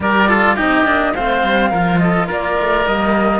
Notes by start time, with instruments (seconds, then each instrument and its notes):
0.00 cello G3 G4, oboe A#4, flute D5
0.28 cello F4, oboe A4
0.55 cello C4 D#4, oboe G4, flute D#5
0.84 cello A#3 D4
1.14 cello A3 C4, oboe C5, flute F5
1.42 cello G3
1.70 cello F3 F4, oboe A#4
1.98 oboe A4, flute D#5
2.26 cello A#3, oboe A#4, flute D5
2.59 cello A3
2.85 cello G3 A#3, flute D#5